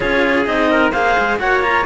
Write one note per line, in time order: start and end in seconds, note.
0.00 0.46 C#4
0.00 0.45 F4
0.00 0.70 G#4
0.00 0.43 C#5
0.45 0.92 C4
0.45 0.91 D#4
0.45 0.92 D#5
0.70 0.92 A#4
0.92 1.15 A#3
0.92 1.39 G#4
0.92 1.38 C5
0.92 1.38 F5
1.18 1.41 G#3
1.39 1.86 A#3
1.39 1.62 F#4
1.39 1.86 C#5
1.39 1.62 F#5
1.62 1.85 F4
1.62 1.85 A#5